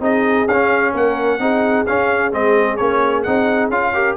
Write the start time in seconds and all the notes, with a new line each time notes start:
0.00 C4 D#4 G#4 D#5
0.47 C#4 F5
0.93 A#3 A#4 F#5
1.39 C4 D#4 G#4
1.86 C#4 F5
2.31 G#3 C4 D#5
2.76 A#3 C#4 C#5
3.23 C4 D#4 F#5
3.69 C#4 F4 F5
3.93 G4 A#4